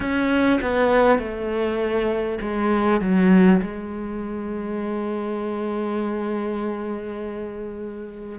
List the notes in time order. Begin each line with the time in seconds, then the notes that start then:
0.00 C#4
0.61 B3
1.18 A3
2.41 G#3
3.01 F#3
3.61 G#3